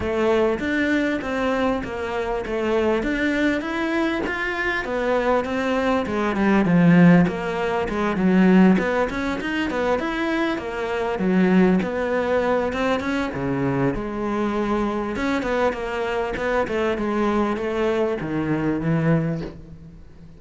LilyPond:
\new Staff \with { instrumentName = "cello" } { \time 4/4 \tempo 4 = 99 a4 d'4 c'4 ais4 | a4 d'4 e'4 f'4 | b4 c'4 gis8 g8 f4 | ais4 gis8 fis4 b8 cis'8 dis'8 |
b8 e'4 ais4 fis4 b8~ | b4 c'8 cis'8 cis4 gis4~ | gis4 cis'8 b8 ais4 b8 a8 | gis4 a4 dis4 e4 | }